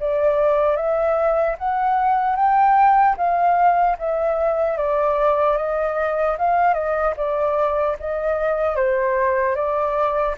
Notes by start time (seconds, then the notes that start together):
0.00 D5
0.76 E5
1.58 F#5
2.36 G5
3.17 F5
3.99 E5
4.77 D5
5.57 D#5
6.38 F5
6.74 D#5
7.17 D5
8.00 D#5
8.76 C5
9.55 D5